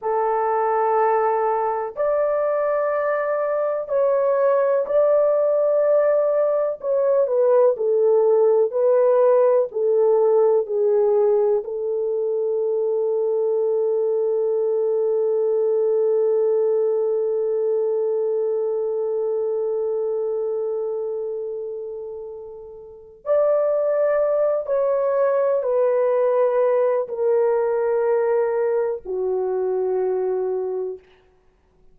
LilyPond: \new Staff \with { instrumentName = "horn" } { \time 4/4 \tempo 4 = 62 a'2 d''2 | cis''4 d''2 cis''8 b'8 | a'4 b'4 a'4 gis'4 | a'1~ |
a'1~ | a'1 | d''4. cis''4 b'4. | ais'2 fis'2 | }